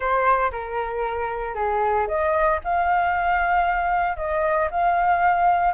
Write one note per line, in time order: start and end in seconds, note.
0.00 0.51 C5
0.51 1.54 A#4
1.54 2.07 G#4
2.07 2.59 D#5
2.64 4.16 F5
4.16 4.69 D#5
4.70 5.73 F5